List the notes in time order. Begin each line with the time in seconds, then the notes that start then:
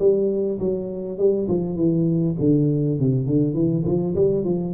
0.00 G3
0.60 F#3
1.19 G3
1.49 F3
1.77 E3
2.40 D3
3.00 C3
3.27 D3
3.55 E3
3.86 F3
4.16 G3
4.45 F3